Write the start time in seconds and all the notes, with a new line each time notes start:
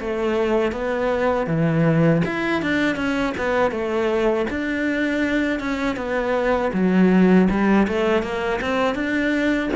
0.00 A3
0.72 B3
1.47 E3
2.25 E4
2.62 D4
2.96 C#4
3.38 B3
3.71 A3
4.50 D4
5.59 C#4
5.96 B3
6.73 F#3
7.50 G3
7.88 A3
8.23 A#3
8.61 C4
8.95 D4